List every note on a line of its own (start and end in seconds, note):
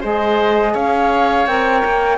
0.00 0.74 G#3
0.00 1.46 G#4
0.00 0.72 C5
0.00 0.75 D#5
0.73 1.46 C#4
0.73 2.17 C#5
0.73 1.46 F5
1.46 1.82 C4
1.46 2.17 A#4
1.46 2.17 G5
1.84 2.17 A#3